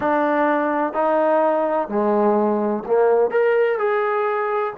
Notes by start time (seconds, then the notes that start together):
0.00 D4
0.93 D#4
1.88 G#3
2.86 A#3
3.31 A#4
3.78 G#4